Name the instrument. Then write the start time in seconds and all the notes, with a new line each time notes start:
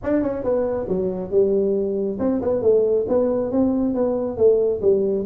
tuba
0.03 D4
0.22 C#4
0.43 B3
0.88 F#3
1.30 G3
2.19 C4
2.41 B3
2.62 A3
3.08 B3
3.51 C4
3.94 B3
4.37 A3
4.81 G3